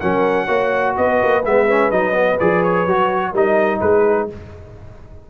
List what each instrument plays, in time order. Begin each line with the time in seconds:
0.00 tuba F#3, trombone C#4, horn A#4, trumpet F#5
0.46 tuba A#3, trombone F#4, horn C#5
0.96 tuba B3, horn B4, trumpet D#5
1.23 tuba A#3
1.45 tuba G#3, trombone B3, trumpet E5
1.69 trombone C#4
1.91 tuba F#3, trombone D#4, trumpet D#5
2.13 trombone B3
2.40 tuba F3, trombone G#4, trumpet D5
2.63 trumpet C#5
2.86 tuba F#3, trombone F#4
3.32 tuba G3, trombone D#4, horn A#4, trumpet D#5
3.81 tuba G#3, horn G#4, trumpet B4